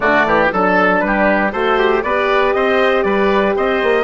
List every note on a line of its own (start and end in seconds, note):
0.00 0.25 D3
0.00 0.50 A3
0.00 0.26 F#4
0.00 0.49 D5
0.25 0.51 E3
0.25 0.52 G4
0.52 1.01 F#3
0.52 1.52 D4
0.52 1.03 A4
0.52 1.00 A4
1.00 1.52 G3
1.00 1.50 B4
1.06 1.52 G4
1.52 2.03 A3
1.52 2.03 F#4
1.52 1.78 A4
1.52 2.03 C5
1.78 2.02 G4
2.02 2.54 B3
2.02 4.03 G4
2.02 2.55 B4
2.02 2.53 D5
2.53 3.04 C4
2.53 3.05 C5
2.53 3.02 D#5
3.02 3.55 G3
3.02 3.55 B4
3.02 3.53 D5
3.55 3.82 C4
3.55 4.03 C5
3.55 4.03 D#5
3.82 4.03 A#3